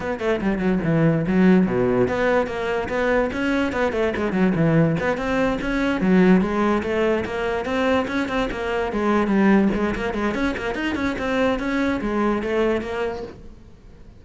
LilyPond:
\new Staff \with { instrumentName = "cello" } { \time 4/4 \tempo 4 = 145 b8 a8 g8 fis8 e4 fis4 | b,4 b4 ais4 b4 | cis'4 b8 a8 gis8 fis8 e4 | b8 c'4 cis'4 fis4 gis8~ |
gis8 a4 ais4 c'4 cis'8 | c'8 ais4 gis4 g4 gis8 | ais8 gis8 cis'8 ais8 dis'8 cis'8 c'4 | cis'4 gis4 a4 ais4 | }